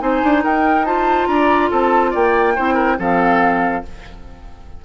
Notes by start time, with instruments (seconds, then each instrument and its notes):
0.00 bassoon C4, clarinet D#4, oboe C5, flute G#5
0.23 bassoon D4
0.44 bassoon D#4, oboe A#4, flute G5
0.85 clarinet F4, oboe C5, flute A5
1.27 bassoon D4, oboe D5, flute A#5
1.70 bassoon C4, oboe A4, flute A5
2.11 bassoon A#3, oboe D5, flute G5
2.55 bassoon C4, clarinet E4, oboe C5
2.74 oboe A#4
2.98 bassoon F3, clarinet C4, oboe A4, flute F5